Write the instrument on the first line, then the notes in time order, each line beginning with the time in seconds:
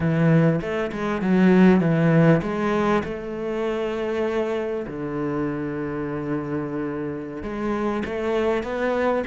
cello
0.00 E3
0.61 A3
0.92 G#3
1.21 F#3
1.80 E3
2.42 G#3
3.04 A3
4.86 D3
7.42 G#3
8.05 A3
8.63 B3